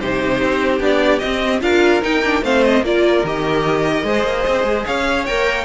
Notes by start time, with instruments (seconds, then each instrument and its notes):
0.00 cello C3, viola D#4, violin G4 C5
0.43 cello C4
0.80 cello B3, viola D4, violin D5
1.20 viola C4, cello C4, violin D#5
1.62 cello D4, viola F4, violin A#4 F5
2.02 viola D#4, cello D#4, violin G5
2.24 viola D4
2.42 cello A3, viola C4, violin C5 F5
2.64 violin D#5
2.82 cello A#3, viola F4, violin A#4 D5
3.24 cello D#3, viola G4, violin D#5
4.04 cello G#3, viola G#4, violin C5
4.24 cello A#3
4.47 cello C4
4.64 cello G#3
4.86 cello C#4, violin C#5 F5
5.26 cello A#3, viola A#4, violin G5